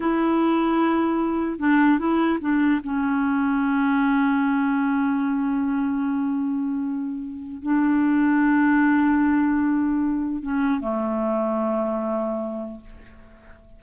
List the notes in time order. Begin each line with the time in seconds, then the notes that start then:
0.00 E4
1.58 D4
1.98 E4
2.40 D4
2.83 C#4
7.62 D4
10.42 C#4
10.80 A3